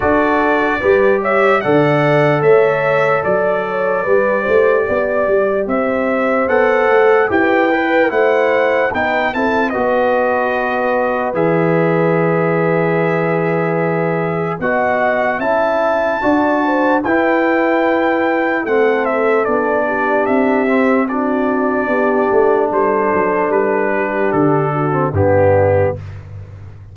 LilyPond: <<
  \new Staff \with { instrumentName = "trumpet" } { \time 4/4 \tempo 4 = 74 d''4. e''8 fis''4 e''4 | d''2. e''4 | fis''4 g''4 fis''4 g''8 a''8 | dis''2 e''2~ |
e''2 fis''4 a''4~ | a''4 g''2 fis''8 e''8 | d''4 e''4 d''2 | c''4 b'4 a'4 g'4 | }
  \new Staff \with { instrumentName = "horn" } { \time 4/4 a'4 b'8 cis''8 d''4 cis''4 | d''8 cis''8 b'8 c''8 d''4 c''4~ | c''4 b'4 c''4 b'8 a'8 | b'1~ |
b'2 dis''4 e''4 | d''8 c''8 b'2 a'4~ | a'8 g'4. fis'4 g'4 | a'4. g'4 fis'8 d'4 | }
  \new Staff \with { instrumentName = "trombone" } { \time 4/4 fis'4 g'4 a'2~ | a'4 g'2. | a'4 g'8 b'8 e'4 dis'8 e'8 | fis'2 gis'2~ |
gis'2 fis'4 e'4 | fis'4 e'2 c'4 | d'4. c'8 d'2~ | d'2~ d'8. c'16 b4 | }
  \new Staff \with { instrumentName = "tuba" } { \time 4/4 d'4 g4 d4 a4 | fis4 g8 a8 b8 g8 c'4 | b8 a8 e'4 a4 b8 c'8 | b2 e2~ |
e2 b4 cis'4 | d'4 e'2 a4 | b4 c'2 b8 a8 | g8 fis8 g4 d4 g,4 | }
>>